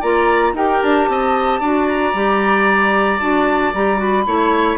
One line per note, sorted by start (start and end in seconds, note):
0.00 0.53 A#3
0.00 0.55 F4
0.00 0.53 D5
0.00 0.55 A#5
0.53 0.80 D#4
0.53 1.62 G4
0.53 1.09 A#4
0.53 0.83 G5
0.83 1.08 D4
0.83 1.88 A5
1.08 1.60 C4
1.08 1.60 D#5
1.60 2.13 D4
1.60 2.14 F#4
1.60 4.26 D5
1.88 3.19 A#5
2.14 3.20 G3
2.14 3.20 G4
3.19 3.74 D4
3.19 3.73 F#4
3.19 3.72 A5
3.74 4.26 G3
3.74 3.97 G4
3.74 4.01 A#5
3.97 4.23 F#4
3.97 4.78 B5
4.26 4.78 A3
4.26 4.78 E4
4.26 4.78 C#5